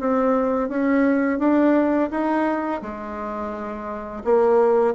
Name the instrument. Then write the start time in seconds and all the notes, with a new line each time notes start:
bassoon
0.00 C4
0.69 C#4
1.39 D4
2.11 D#4
2.82 G#3
4.24 A#3